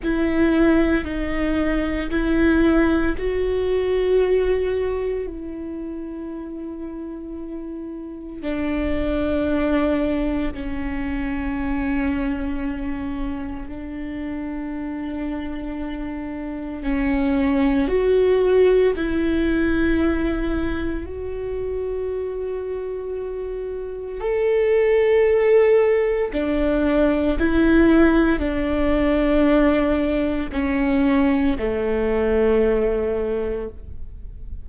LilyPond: \new Staff \with { instrumentName = "viola" } { \time 4/4 \tempo 4 = 57 e'4 dis'4 e'4 fis'4~ | fis'4 e'2. | d'2 cis'2~ | cis'4 d'2. |
cis'4 fis'4 e'2 | fis'2. a'4~ | a'4 d'4 e'4 d'4~ | d'4 cis'4 a2 | }